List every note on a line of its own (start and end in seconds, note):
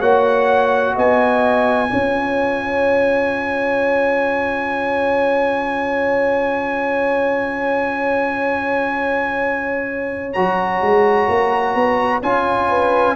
0.00 0.95 A#3
0.00 1.88 F#4
0.00 0.94 C#5
0.00 0.96 F#5
0.95 1.91 B3
0.95 1.89 D#5
0.95 10.33 G#5
1.88 10.37 C#4
1.88 10.32 F4
1.88 12.69 C#5
10.33 10.81 F#3
10.33 12.23 F#4
10.33 12.21 A#5
10.81 11.28 G#3
11.29 11.75 A#3
11.75 12.22 B3
12.23 13.16 C#4
12.23 13.16 F4
12.23 13.16 G#5
12.69 13.16 B4